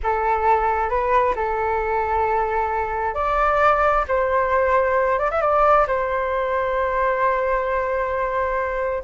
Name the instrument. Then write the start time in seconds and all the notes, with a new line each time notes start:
flute
0.03 A4
0.89 B4
1.35 A4
3.14 D5
4.08 C5
5.18 D5
5.30 E5
5.41 D5
5.87 C5